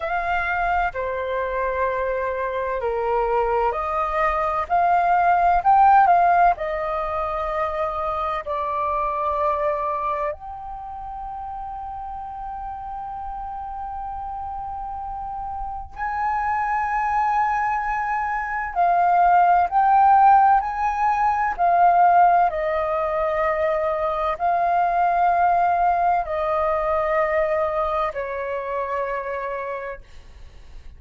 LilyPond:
\new Staff \with { instrumentName = "flute" } { \time 4/4 \tempo 4 = 64 f''4 c''2 ais'4 | dis''4 f''4 g''8 f''8 dis''4~ | dis''4 d''2 g''4~ | g''1~ |
g''4 gis''2. | f''4 g''4 gis''4 f''4 | dis''2 f''2 | dis''2 cis''2 | }